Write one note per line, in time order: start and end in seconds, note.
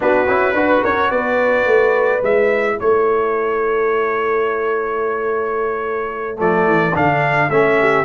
0.00 0.27 B3
0.00 0.27 D4
0.00 0.55 F#4
0.00 0.84 B4
0.27 0.52 C#4
0.27 0.55 E4
0.52 0.80 D4
0.52 2.21 F#4
0.52 0.81 B4
0.81 1.11 C#4
0.81 1.09 A#4
0.81 1.10 C#5
1.10 1.65 B3
1.10 2.77 B4
1.10 2.22 D5
1.65 2.21 A3
2.21 2.78 G#3
2.21 6.36 E4
2.21 2.79 E5
2.77 6.40 A3
2.77 7.77 A4
2.77 6.39 C#5
6.36 6.66 F3
6.36 6.92 A3
6.36 6.95 D5
6.66 6.94 E3
6.94 7.49 D3
6.94 7.49 D4
6.94 7.50 F5
7.49 8.05 A3
7.49 8.05 C#4
7.49 8.05 E5
7.79 8.05 G4